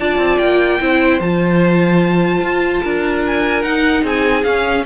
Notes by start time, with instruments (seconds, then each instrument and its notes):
0.00 cello D4, viola F4, violin D5 A5
0.18 cello C4
0.39 cello A#3, violin G5
0.81 cello C4, viola E4, violin C5
1.20 cello F3, viola F4, violin A5
2.42 cello F4
2.83 cello D4, violin A#4
3.27 violin G#5
3.63 cello D#4, viola D#4, violin F#5
4.04 cello C4, violin G#4 G#5
4.44 cello C#4, viola C#4, violin F5